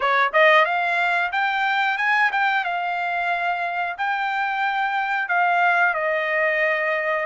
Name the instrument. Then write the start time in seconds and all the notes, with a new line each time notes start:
trumpet
0.00 C#5
0.32 D#5
0.65 F5
1.32 G5
1.97 G#5
2.32 G5
2.64 F5
3.97 G5
5.28 F5
5.94 D#5